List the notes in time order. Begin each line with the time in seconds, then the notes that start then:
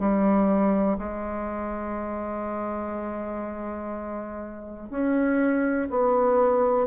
0.00 G3
0.98 G#3
4.90 C#4
5.90 B3